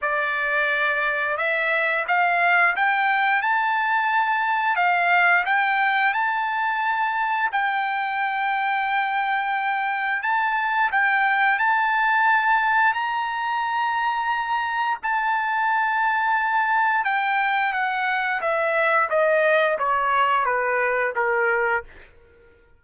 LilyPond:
\new Staff \with { instrumentName = "trumpet" } { \time 4/4 \tempo 4 = 88 d''2 e''4 f''4 | g''4 a''2 f''4 | g''4 a''2 g''4~ | g''2. a''4 |
g''4 a''2 ais''4~ | ais''2 a''2~ | a''4 g''4 fis''4 e''4 | dis''4 cis''4 b'4 ais'4 | }